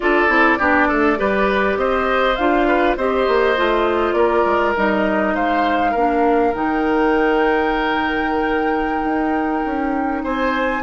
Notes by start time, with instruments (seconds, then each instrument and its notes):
0.00 bassoon D4, clarinet F4, oboe A4, flute D5
0.28 bassoon C4, clarinet E4
0.58 bassoon B3, clarinet D4, oboe G4
0.88 bassoon A3, oboe A4
1.16 bassoon G3, clarinet G4, oboe B4
1.76 bassoon C4, oboe C5, flute D#5
2.35 bassoon D4, clarinet F4, flute F5
2.67 oboe B4
2.96 bassoon C4, clarinet G4, oboe C5, flute D#5
3.27 bassoon A#3
3.56 bassoon A3, clarinet F4
4.12 bassoon A#3, oboe A#4, flute D5
4.45 bassoon G#3
4.76 bassoon G3, clarinet D#4, flute D#5
5.34 bassoon G#3, oboe C5, flute F5
5.91 bassoon A#3, clarinet D4, oboe A#4
6.54 bassoon D#3, clarinet D#4, flute G5
9.04 bassoon D#4
9.65 bassoon C#4
10.23 bassoon C4, oboe C5, flute G#5